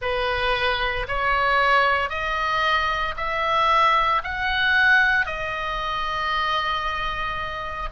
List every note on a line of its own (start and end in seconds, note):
0.01 1.06 B4
1.08 2.09 C#5
2.09 3.14 D#5
3.16 4.22 E5
4.23 5.26 F#5
5.26 7.89 D#5